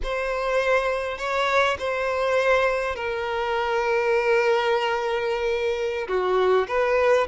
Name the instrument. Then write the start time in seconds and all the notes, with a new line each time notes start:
violin
0.03 C5
1.17 C#5
1.78 C5
2.95 A#4
6.08 F#4
6.67 B4